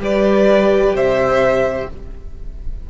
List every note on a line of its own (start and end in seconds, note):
0.00 0.94 G3
0.00 1.88 G4
0.00 0.96 B4
0.00 0.97 D5
0.94 1.88 C3
0.94 1.89 C5
0.94 1.90 E5